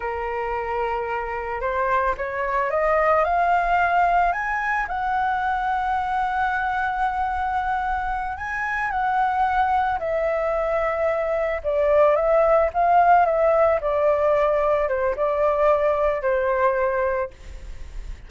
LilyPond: \new Staff \with { instrumentName = "flute" } { \time 4/4 \tempo 4 = 111 ais'2. c''4 | cis''4 dis''4 f''2 | gis''4 fis''2.~ | fis''2.~ fis''8 gis''8~ |
gis''8 fis''2 e''4.~ | e''4. d''4 e''4 f''8~ | f''8 e''4 d''2 c''8 | d''2 c''2 | }